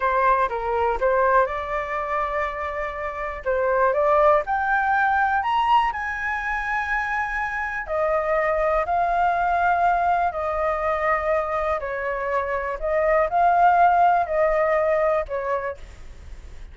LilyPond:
\new Staff \with { instrumentName = "flute" } { \time 4/4 \tempo 4 = 122 c''4 ais'4 c''4 d''4~ | d''2. c''4 | d''4 g''2 ais''4 | gis''1 |
dis''2 f''2~ | f''4 dis''2. | cis''2 dis''4 f''4~ | f''4 dis''2 cis''4 | }